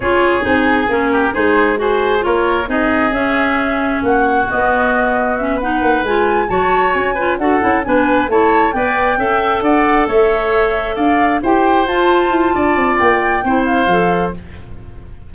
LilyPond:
<<
  \new Staff \with { instrumentName = "flute" } { \time 4/4 \tempo 4 = 134 cis''4 gis'4 ais'4 c''4 | gis'4 cis''4 dis''4 e''4~ | e''4 fis''4 dis''2 | e''8 fis''4 gis''4 a''4 gis''8~ |
gis''8 fis''4 gis''4 a''4 g''8~ | g''4. fis''4 e''4.~ | e''8 f''4 g''4 a''4.~ | a''4 g''4. f''4. | }
  \new Staff \with { instrumentName = "oboe" } { \time 4/4 gis'2~ gis'8 g'8 gis'4 | c''4 ais'4 gis'2~ | gis'4 fis'2.~ | fis'8 b'2 cis''4. |
b'8 a'4 b'4 cis''4 d''8~ | d''8 e''4 d''4 cis''4.~ | cis''8 d''4 c''2~ c''8 | d''2 c''2 | }
  \new Staff \with { instrumentName = "clarinet" } { \time 4/4 f'4 dis'4 cis'4 dis'4 | fis'4 f'4 dis'4 cis'4~ | cis'2 b2 | cis'8 dis'4 f'4 fis'4. |
f'8 fis'8 e'8 d'4 e'4 b'8~ | b'8 a'2.~ a'8~ | a'4. g'4 f'4.~ | f'2 e'4 a'4 | }
  \new Staff \with { instrumentName = "tuba" } { \time 4/4 cis'4 c'4 ais4 gis4~ | gis4 ais4 c'4 cis'4~ | cis'4 ais4 b2~ | b4 ais8 gis4 fis4 cis'8~ |
cis'8 d'8 cis'8 b4 a4 b8~ | b8 cis'4 d'4 a4.~ | a8 d'4 e'4 f'4 e'8 | d'8 c'8 ais4 c'4 f4 | }
>>